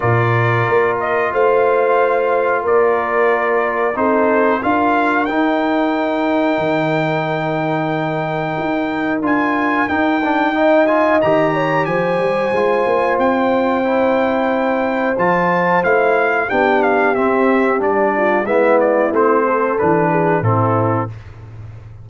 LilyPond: <<
  \new Staff \with { instrumentName = "trumpet" } { \time 4/4 \tempo 4 = 91 d''4. dis''8 f''2 | d''2 c''4 f''4 | g''1~ | g''2 gis''4 g''4~ |
g''8 gis''8 ais''4 gis''2 | g''2. a''4 | f''4 g''8 f''8 e''4 d''4 | e''8 d''8 c''4 b'4 a'4 | }
  \new Staff \with { instrumentName = "horn" } { \time 4/4 ais'2 c''2 | ais'2 a'4 ais'4~ | ais'1~ | ais'1 |
dis''4. cis''8 c''2~ | c''1~ | c''4 g'2~ g'8 f'8 | e'4. a'4 gis'8 e'4 | }
  \new Staff \with { instrumentName = "trombone" } { \time 4/4 f'1~ | f'2 dis'4 f'4 | dis'1~ | dis'2 f'4 dis'8 d'8 |
dis'8 f'8 g'2 f'4~ | f'4 e'2 f'4 | e'4 d'4 c'4 d'4 | b4 c'4 d'4 c'4 | }
  \new Staff \with { instrumentName = "tuba" } { \time 4/4 ais,4 ais4 a2 | ais2 c'4 d'4 | dis'2 dis2~ | dis4 dis'4 d'4 dis'4~ |
dis'4 dis4 f8 g8 gis8 ais8 | c'2. f4 | a4 b4 c'4 g4 | gis4 a4 e4 a,4 | }
>>